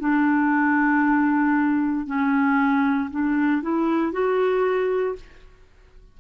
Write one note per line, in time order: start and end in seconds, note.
0.00 2.07 D4
2.07 3.10 C#4
3.11 3.63 D4
3.63 4.12 E4
4.12 5.16 F#4